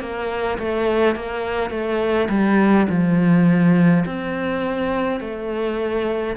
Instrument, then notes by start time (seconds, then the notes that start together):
cello
0.00 A#3
0.58 A3
1.15 A#3
1.70 A3
2.29 G3
2.89 F3
4.05 C4
5.20 A3